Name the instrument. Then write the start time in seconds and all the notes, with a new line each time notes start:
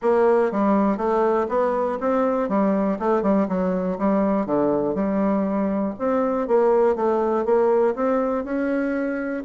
bassoon
0.01 A#3
0.51 G3
0.97 A3
1.48 B3
2.00 C4
2.48 G3
2.99 A3
3.22 G3
3.48 F#3
3.98 G3
4.46 D3
4.95 G3
5.98 C4
6.47 A#3
6.95 A3
7.45 A#3
7.95 C4
8.44 C#4